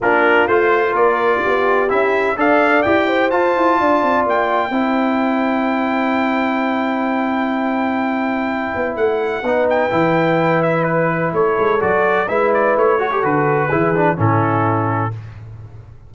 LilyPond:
<<
  \new Staff \with { instrumentName = "trumpet" } { \time 4/4 \tempo 4 = 127 ais'4 c''4 d''2 | e''4 f''4 g''4 a''4~ | a''4 g''2.~ | g''1~ |
g''2. fis''4~ | fis''8 g''2 e''8 b'4 | cis''4 d''4 e''8 d''8 cis''4 | b'2 a'2 | }
  \new Staff \with { instrumentName = "horn" } { \time 4/4 f'2 ais'4 g'4~ | g'4 d''4. c''4. | d''2 c''2~ | c''1~ |
c''1 | b'1 | a'2 b'4. a'8~ | a'4 gis'4 e'2 | }
  \new Staff \with { instrumentName = "trombone" } { \time 4/4 d'4 f'2. | e'4 a'4 g'4 f'4~ | f'2 e'2~ | e'1~ |
e'1 | dis'4 e'2.~ | e'4 fis'4 e'4. fis'16 g'16 | fis'4 e'8 d'8 cis'2 | }
  \new Staff \with { instrumentName = "tuba" } { \time 4/4 ais4 a4 ais4 b4 | cis'4 d'4 e'4 f'8 e'8 | d'8 c'8 ais4 c'2~ | c'1~ |
c'2~ c'8 b8 a4 | b4 e2. | a8 gis8 fis4 gis4 a4 | d4 e4 a,2 | }
>>